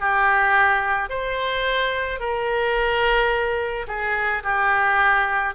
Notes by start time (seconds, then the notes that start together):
0.00 G4
1.10 C5
2.20 A#4
3.87 G#4
4.44 G4